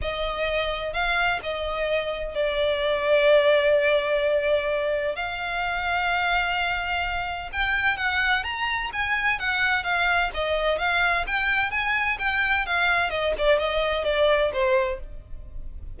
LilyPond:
\new Staff \with { instrumentName = "violin" } { \time 4/4 \tempo 4 = 128 dis''2 f''4 dis''4~ | dis''4 d''2.~ | d''2. f''4~ | f''1 |
g''4 fis''4 ais''4 gis''4 | fis''4 f''4 dis''4 f''4 | g''4 gis''4 g''4 f''4 | dis''8 d''8 dis''4 d''4 c''4 | }